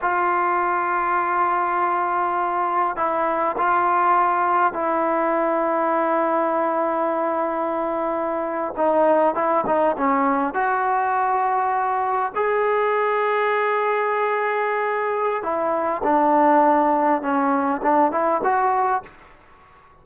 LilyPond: \new Staff \with { instrumentName = "trombone" } { \time 4/4 \tempo 4 = 101 f'1~ | f'4 e'4 f'2 | e'1~ | e'2~ e'8. dis'4 e'16~ |
e'16 dis'8 cis'4 fis'2~ fis'16~ | fis'8. gis'2.~ gis'16~ | gis'2 e'4 d'4~ | d'4 cis'4 d'8 e'8 fis'4 | }